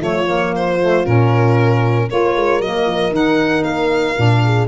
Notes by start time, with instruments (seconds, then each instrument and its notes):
0.00 tuba F3, saxophone A3, horn F4, violin C#5
0.26 saxophone A#3
0.55 violin C5
0.80 saxophone A3
1.05 tuba A#2, saxophone C#4, violin A#4
2.09 tuba A#3, saxophone F4, horn A#4, violin C#5
2.36 tuba G#3
2.60 tuba F#3, saxophone A#3, violin D#5
2.86 tuba F3
3.11 tuba D#3, saxophone D#4, violin F#5
3.63 tuba A#3, violin F5
4.16 tuba A#2, saxophone D4
4.44 horn G#4